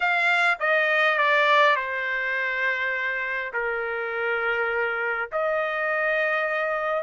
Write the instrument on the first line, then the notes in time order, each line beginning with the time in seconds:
trumpet
0.00 F5
0.59 D#5
1.17 D5
1.75 C5
3.53 A#4
5.32 D#5